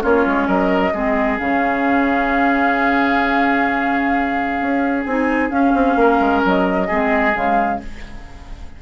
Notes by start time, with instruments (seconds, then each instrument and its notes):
0.00 bassoon A#3, clarinet C#4, oboe F4, flute C#5
0.26 bassoon G#3
0.47 bassoon F#3, oboe A#4, flute D#5
0.93 bassoon G#3, clarinet C4, oboe G#4
1.38 bassoon C#3, clarinet C#4, flute F5
4.60 bassoon C#4
5.04 bassoon C4, clarinet D#4, flute G#5
5.49 clarinet C#4, bassoon C#4, flute F5
5.73 bassoon C4
5.95 bassoon A#3, oboe A#4
6.19 bassoon G#3
6.44 bassoon F#3, flute D#5
6.87 bassoon G#3, clarinet C4, oboe G#4
7.32 bassoon C#3, clarinet G#3, flute F5